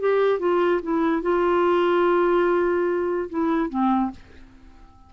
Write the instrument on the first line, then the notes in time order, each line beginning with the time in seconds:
clarinet
0.00 G4
0.39 F4
0.82 E4
1.22 F4
3.30 E4
3.69 C4